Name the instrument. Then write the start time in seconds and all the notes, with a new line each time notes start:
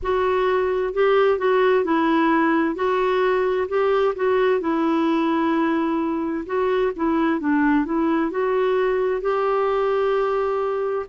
clarinet
0.02 F#4
0.93 G4
1.38 F#4
1.84 E4
2.75 F#4
3.68 G4
4.15 F#4
4.60 E4
6.46 F#4
6.96 E4
7.39 D4
7.85 E4
8.31 F#4
9.21 G4